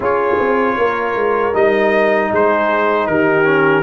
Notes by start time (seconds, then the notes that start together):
0.00 C#4 F4 G#4 C#5
0.39 C4
0.77 A#3 A#4
1.15 G#3
1.53 G3 D#4 D#5
2.31 G#3 G#4 C5
3.07 D#3 G4 A#4
3.44 C#4